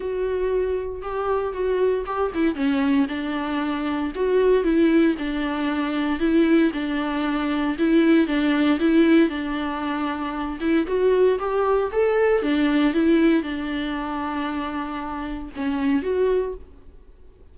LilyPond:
\new Staff \with { instrumentName = "viola" } { \time 4/4 \tempo 4 = 116 fis'2 g'4 fis'4 | g'8 e'8 cis'4 d'2 | fis'4 e'4 d'2 | e'4 d'2 e'4 |
d'4 e'4 d'2~ | d'8 e'8 fis'4 g'4 a'4 | d'4 e'4 d'2~ | d'2 cis'4 fis'4 | }